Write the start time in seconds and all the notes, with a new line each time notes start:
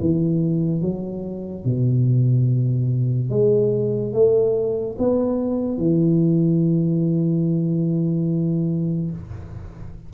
0.00 E3
0.81 F#3
1.64 B2
3.30 G#3
4.13 A3
4.98 B3
5.78 E3